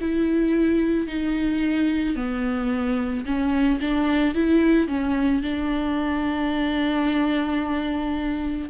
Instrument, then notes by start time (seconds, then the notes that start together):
viola
0.00 E4
1.07 D#4
2.16 B3
3.25 C#4
3.80 D4
4.34 E4
4.87 C#4
5.41 D4